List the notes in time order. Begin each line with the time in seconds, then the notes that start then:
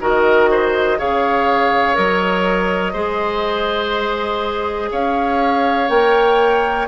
0.00 D#3 F#4 A#4 D#5
0.51 C5
0.98 C#3 G#4 C#5 F5
1.94 F#3 A#4 D#5
2.93 G#3 G#4 C5
4.91 C#4 C#5 F5
5.89 A#3 A#4 G5